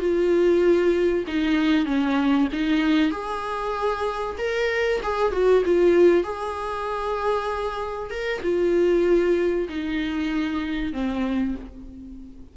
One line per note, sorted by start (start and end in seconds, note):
0.00 1.25 F4
1.27 1.86 D#4
1.86 2.48 C#4
2.53 3.11 D#4
3.11 4.36 G#4
4.38 5.01 A#4
5.03 5.32 G#4
5.32 5.63 F#4
5.65 6.24 F4
6.24 8.11 G#4
8.11 8.42 A#4
8.43 9.68 F4
9.69 10.93 D#4
10.93 11.55 C4